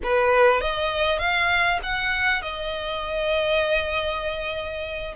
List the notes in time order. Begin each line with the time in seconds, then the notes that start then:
0.03 B4
0.60 D#5
1.18 F5
1.82 F#5
2.41 D#5